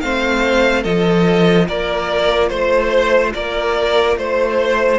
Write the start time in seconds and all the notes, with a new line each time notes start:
0.00 A3 C4 C5 F5
0.82 F3 F4 A4 D#5
1.68 A#3 A#4 D5
2.49 A3 C5
3.34 A#3 A#4 D5
4.16 A3 C5